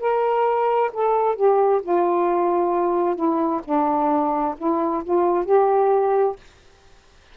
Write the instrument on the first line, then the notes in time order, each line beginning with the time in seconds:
saxophone
0.00 A#4
0.93 A4
1.36 G4
1.83 F4
3.16 E4
3.64 D4
4.58 E4
5.04 F4
5.45 G4